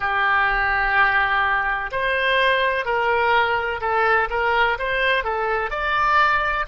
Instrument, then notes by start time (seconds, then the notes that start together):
oboe
0.00 G4
1.91 C5
2.85 A#4
3.81 A4
4.30 A#4
4.79 C5
5.24 A4
5.70 D5